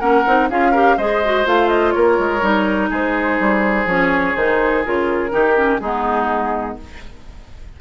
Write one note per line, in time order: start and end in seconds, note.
0.00 0.25 A#3
0.00 0.25 C#4
0.00 0.49 A#4
0.00 0.48 F#5
0.27 0.50 C4
0.27 0.51 D#4
0.50 0.97 C#4
0.50 0.74 F4
0.50 0.72 G#4
0.50 0.98 F5
0.72 0.98 G4
0.72 0.96 A#4
0.97 1.46 G#3
0.97 1.23 G#4
0.97 1.94 C5
0.97 1.46 D#5
1.25 1.45 F#4
1.45 1.95 A3
1.45 2.41 F4
1.45 1.69 F5
1.69 1.92 D#5
1.92 2.18 A#3
1.92 2.90 A#4
1.92 2.88 C#5
2.18 2.42 G#3
2.41 2.90 G3
2.41 3.87 D#4
2.90 3.39 G#3
2.90 5.32 G#4
2.90 3.88 C5
3.40 3.86 G3
3.86 4.34 F3
3.86 4.36 C#4
3.86 4.36 C#5
4.36 4.84 D#3
4.36 4.85 D#4
4.36 4.84 C5
4.85 5.33 C#3
4.85 5.30 F4
4.85 5.79 A#4
5.30 5.80 D#3
5.30 5.54 D#4
5.30 5.81 G4
5.56 5.80 C#4
5.79 6.77 G#3
5.79 6.81 B3
5.79 6.78 D#4
5.79 6.76 G#4